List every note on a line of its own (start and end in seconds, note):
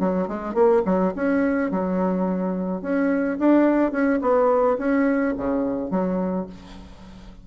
0.00 0.28 F#3
0.28 0.55 G#3
0.55 0.83 A#3
0.86 1.14 F#3
1.16 1.71 C#4
1.71 2.82 F#3
2.82 3.38 C#4
3.40 3.92 D4
3.92 4.20 C#4
4.22 4.78 B3
4.79 5.35 C#4
5.38 5.91 C#3
5.91 6.47 F#3